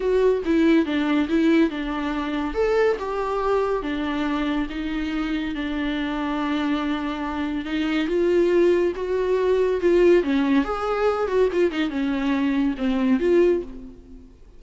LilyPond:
\new Staff \with { instrumentName = "viola" } { \time 4/4 \tempo 4 = 141 fis'4 e'4 d'4 e'4 | d'2 a'4 g'4~ | g'4 d'2 dis'4~ | dis'4 d'2.~ |
d'2 dis'4 f'4~ | f'4 fis'2 f'4 | cis'4 gis'4. fis'8 f'8 dis'8 | cis'2 c'4 f'4 | }